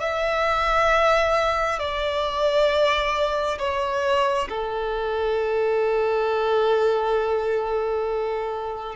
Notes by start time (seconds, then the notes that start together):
0.00 E5
1.80 D5
3.59 C#5
4.49 A4